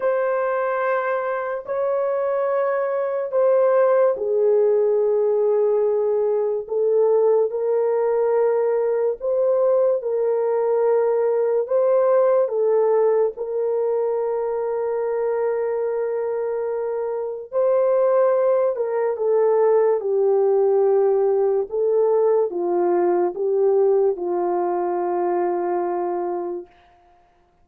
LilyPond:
\new Staff \with { instrumentName = "horn" } { \time 4/4 \tempo 4 = 72 c''2 cis''2 | c''4 gis'2. | a'4 ais'2 c''4 | ais'2 c''4 a'4 |
ais'1~ | ais'4 c''4. ais'8 a'4 | g'2 a'4 f'4 | g'4 f'2. | }